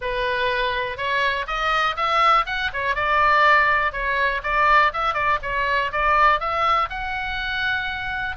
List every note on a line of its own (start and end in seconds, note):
0.01 0.97 B4
0.97 1.46 C#5
1.47 1.96 D#5
1.96 2.45 E5
2.46 2.70 F#5
2.73 2.95 C#5
2.95 3.92 D5
3.92 4.41 C#5
4.43 4.92 D5
4.93 5.13 E5
5.13 5.38 D5
5.42 5.91 C#5
5.92 6.40 D5
6.40 6.89 E5
6.89 8.36 F#5